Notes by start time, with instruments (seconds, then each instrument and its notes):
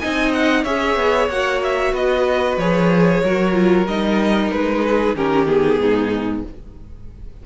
0.00 cello C4, viola D#4, violin D#5 G#5
0.34 violin F#5
0.64 cello C#4, viola G#4, violin C#5 E5
0.96 cello B3
1.28 cello A#3, viola F#4, violin F#5
1.63 violin E5
1.93 cello B3, violin B4 D#5
2.57 cello F3, viola G#4, violin C#5
3.24 cello F#3, viola F#4, violin A#4
3.54 viola F4
3.87 cello G3, viola D#4, violin D#5
4.51 cello G#3, violin B4
4.86 violin G#4
5.15 cello D#3, viola C#4, violin G4 A#4
5.47 viola B3, violin G#4
5.79 cello G#2, violin D#4